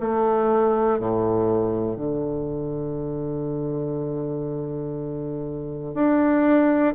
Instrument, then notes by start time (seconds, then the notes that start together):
bassoon
0.00 A3
0.99 A2
1.96 D3
5.95 D4